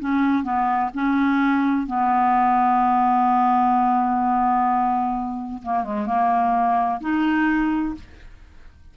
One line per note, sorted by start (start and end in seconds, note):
0.00 0.43 C#4
0.43 0.90 B3
0.94 1.87 C#4
1.87 5.62 B3
5.63 5.84 A#3
5.84 6.06 G#3
6.06 7.00 A#3
7.01 7.95 D#4